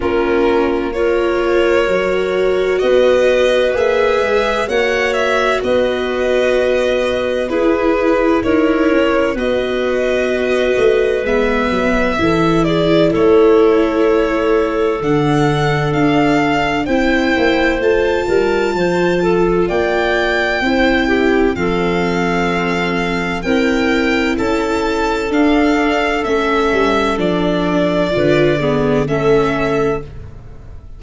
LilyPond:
<<
  \new Staff \with { instrumentName = "violin" } { \time 4/4 \tempo 4 = 64 ais'4 cis''2 dis''4 | e''4 fis''8 e''8 dis''2 | b'4 cis''4 dis''2 | e''4. d''8 cis''2 |
fis''4 f''4 g''4 a''4~ | a''4 g''2 f''4~ | f''4 g''4 a''4 f''4 | e''4 d''2 e''4 | }
  \new Staff \with { instrumentName = "clarinet" } { \time 4/4 f'4 ais'2 b'4~ | b'4 cis''4 b'2 | gis'4 ais'4 b'2~ | b'4 a'8 gis'8 a'2~ |
a'2 c''4. ais'8 | c''8 a'8 d''4 c''8 g'8 a'4~ | a'4 ais'4 a'2~ | a'2 b'8 gis'8 a'4 | }
  \new Staff \with { instrumentName = "viola" } { \time 4/4 cis'4 f'4 fis'2 | gis'4 fis'2. | e'2 fis'2 | b4 e'2. |
d'2 e'4 f'4~ | f'2 e'4 c'4~ | c'4 e'2 d'4 | cis'4 d'4 f'8 b8 cis'4 | }
  \new Staff \with { instrumentName = "tuba" } { \time 4/4 ais2 fis4 b4 | ais8 gis8 ais4 b2 | e'4 dis'8 cis'8 b4. a8 | gis8 fis8 e4 a2 |
d4 d'4 c'8 ais8 a8 g8 | f4 ais4 c'4 f4~ | f4 c'4 cis'4 d'4 | a8 g8 f4 d4 a4 | }
>>